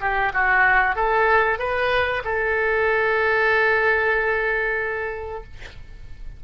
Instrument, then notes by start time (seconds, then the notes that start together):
oboe
0.00 G4
0.33 F#4
0.95 A4
1.58 B4
2.24 A4